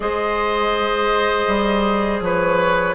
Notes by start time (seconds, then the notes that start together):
0.00 G#3 G#4 C5 D#5
1.47 G3
2.20 F3 B4 C#5